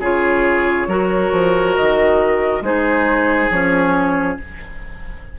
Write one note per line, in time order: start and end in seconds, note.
0.00 0.87 C#3
0.00 0.89 F4
0.00 0.87 G#4
0.00 1.76 C#5
0.87 1.31 F#3
0.87 2.63 F#4
0.87 2.63 A#4
1.32 1.76 F3
1.76 2.62 D#3
1.76 2.63 D#5
2.62 3.49 G#3
2.62 3.51 D#4
2.62 4.39 G#4
2.62 3.51 C5
3.50 4.37 F3
3.50 4.39 C#4
3.50 4.37 C#5